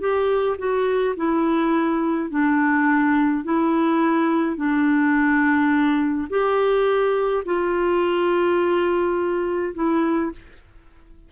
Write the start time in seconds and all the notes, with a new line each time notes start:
0.00 G4
0.58 F#4
1.16 E4
2.30 D4
3.44 E4
4.57 D4
6.30 G4
7.45 F4
9.75 E4